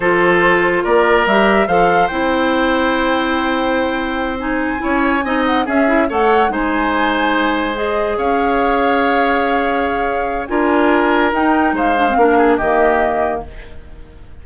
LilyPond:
<<
  \new Staff \with { instrumentName = "flute" } { \time 4/4 \tempo 4 = 143 c''2 d''4 e''4 | f''4 g''2.~ | g''2~ g''8 gis''4.~ | gis''4 fis''8 e''4 fis''4 gis''8~ |
gis''2~ gis''8 dis''4 f''8~ | f''1~ | f''4 gis''2 g''4 | f''2 dis''2 | }
  \new Staff \with { instrumentName = "oboe" } { \time 4/4 a'2 ais'2 | c''1~ | c''2.~ c''8 cis''8~ | cis''8 dis''4 gis'4 cis''4 c''8~ |
c''2.~ c''8 cis''8~ | cis''1~ | cis''4 ais'2. | c''4 ais'8 gis'8 g'2 | }
  \new Staff \with { instrumentName = "clarinet" } { \time 4/4 f'2. g'4 | a'4 e'2.~ | e'2~ e'8 dis'4 e'8~ | e'8 dis'4 cis'8 e'8 a'4 dis'8~ |
dis'2~ dis'8 gis'4.~ | gis'1~ | gis'4 f'2 dis'4~ | dis'8 d'16 c'16 d'4 ais2 | }
  \new Staff \with { instrumentName = "bassoon" } { \time 4/4 f2 ais4 g4 | f4 c'2.~ | c'2.~ c'8 cis'8~ | cis'8 c'4 cis'4 a4 gis8~ |
gis2.~ gis8 cis'8~ | cis'1~ | cis'4 d'2 dis'4 | gis4 ais4 dis2 | }
>>